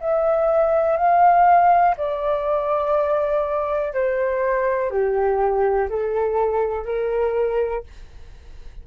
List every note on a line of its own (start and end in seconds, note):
0.00 0.97 E5
0.97 1.95 F5
1.97 3.94 D5
3.94 4.90 C5
4.90 5.89 G4
5.89 6.85 A4
6.85 7.83 A#4